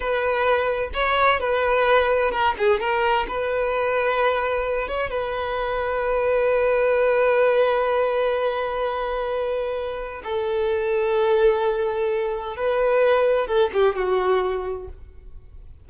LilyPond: \new Staff \with { instrumentName = "violin" } { \time 4/4 \tempo 4 = 129 b'2 cis''4 b'4~ | b'4 ais'8 gis'8 ais'4 b'4~ | b'2~ b'8 cis''8 b'4~ | b'1~ |
b'1~ | b'2 a'2~ | a'2. b'4~ | b'4 a'8 g'8 fis'2 | }